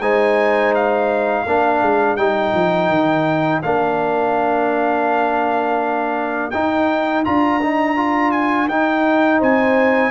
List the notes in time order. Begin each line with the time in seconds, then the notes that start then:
0.00 G#3 D#4 C5 G#5
0.75 F5
1.45 A#3 D4 A#4
1.82 G#3
2.17 G3 D#4 G5
2.54 F3
2.89 D#3
3.63 A#3 D4 F5
6.51 D#4 G5
7.25 D4 F4 A#5
7.62 D#4
7.97 F4
8.32 G#5
8.69 D#4 G5
9.39 C4 C5 G#5